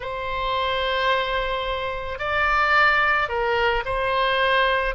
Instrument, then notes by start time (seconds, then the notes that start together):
oboe
0.00 C5
2.18 D5
3.28 A#4
3.85 C5